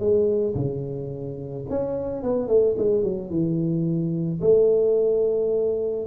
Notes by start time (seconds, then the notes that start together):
0.00 G#3
0.55 C#3
1.70 C#4
2.23 B3
2.48 A3
2.78 G#3
3.04 F#3
3.31 E3
4.42 A3